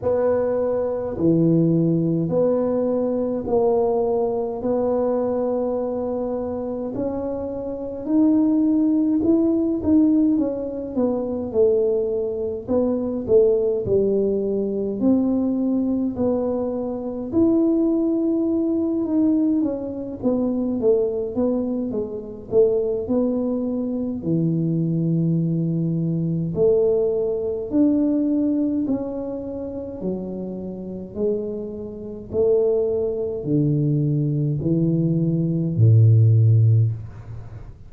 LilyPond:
\new Staff \with { instrumentName = "tuba" } { \time 4/4 \tempo 4 = 52 b4 e4 b4 ais4 | b2 cis'4 dis'4 | e'8 dis'8 cis'8 b8 a4 b8 a8 | g4 c'4 b4 e'4~ |
e'8 dis'8 cis'8 b8 a8 b8 gis8 a8 | b4 e2 a4 | d'4 cis'4 fis4 gis4 | a4 d4 e4 a,4 | }